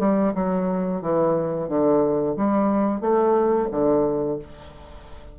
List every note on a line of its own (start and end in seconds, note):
0.00 0.34 G3
0.35 1.02 F#3
1.02 1.69 E3
1.69 2.36 D3
2.37 3.01 G3
3.01 3.69 A3
3.72 4.39 D3